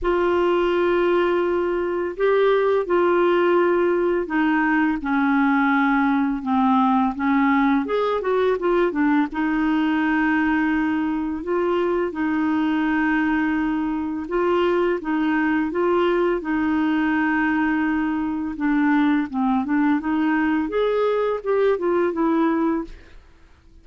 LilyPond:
\new Staff \with { instrumentName = "clarinet" } { \time 4/4 \tempo 4 = 84 f'2. g'4 | f'2 dis'4 cis'4~ | cis'4 c'4 cis'4 gis'8 fis'8 | f'8 d'8 dis'2. |
f'4 dis'2. | f'4 dis'4 f'4 dis'4~ | dis'2 d'4 c'8 d'8 | dis'4 gis'4 g'8 f'8 e'4 | }